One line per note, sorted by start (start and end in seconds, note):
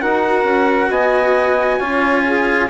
0.00 0.44 D#4
0.00 1.79 F#4
0.00 0.90 A#4
0.00 0.90 F#5
0.44 0.88 C#4
0.90 1.79 B3
0.90 1.78 D#5
0.90 2.70 G#5
1.78 2.69 C#4
1.78 2.69 F4
1.78 2.23 C#5
2.23 2.68 G#4